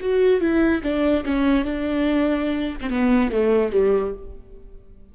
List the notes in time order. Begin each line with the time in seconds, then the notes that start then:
0.00 F#4
0.40 E4
0.83 D4
1.25 C#4
1.64 D4
2.81 C4
2.90 B3
3.31 A3
3.72 G3